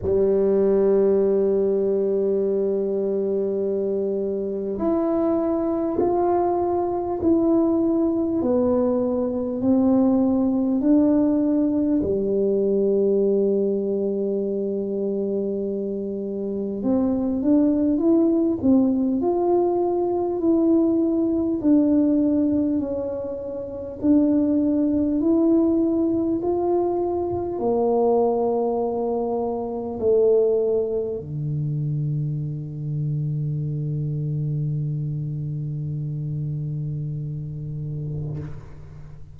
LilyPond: \new Staff \with { instrumentName = "tuba" } { \time 4/4 \tempo 4 = 50 g1 | e'4 f'4 e'4 b4 | c'4 d'4 g2~ | g2 c'8 d'8 e'8 c'8 |
f'4 e'4 d'4 cis'4 | d'4 e'4 f'4 ais4~ | ais4 a4 d2~ | d1 | }